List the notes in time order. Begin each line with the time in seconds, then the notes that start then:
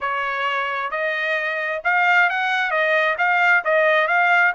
0.01 C#5
0.90 D#5
1.84 F5
2.29 F#5
2.70 D#5
3.18 F5
3.64 D#5
4.07 F5